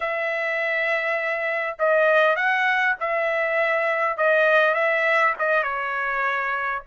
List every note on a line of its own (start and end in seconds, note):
0.00 1.76 E5
1.78 2.35 D#5
2.35 2.95 F#5
3.00 4.17 E5
4.17 4.74 D#5
4.74 5.34 E5
5.38 5.63 D#5
5.63 6.82 C#5